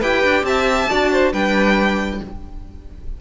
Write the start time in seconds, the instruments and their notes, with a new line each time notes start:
0.00 cello E4, viola G4, violin B4 G5
0.24 cello D4
0.43 cello C4, violin E5 A5
0.90 cello D4, viola F#4, violin D5
1.12 violin C5
1.33 cello G3, viola D4, violin B4 G5